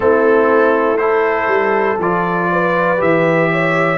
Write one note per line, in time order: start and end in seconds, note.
0.00 1.46 A3
0.00 0.97 C4
0.00 1.00 E4
0.00 0.97 A4
0.97 1.97 E4
0.97 2.50 A4
0.97 1.97 C5
1.46 1.96 G3
1.98 2.98 F3
1.98 2.97 F4
1.98 3.01 D5
2.51 3.51 B4
2.97 3.98 E3
2.97 3.97 G4
2.97 3.98 E5
3.51 3.98 C#5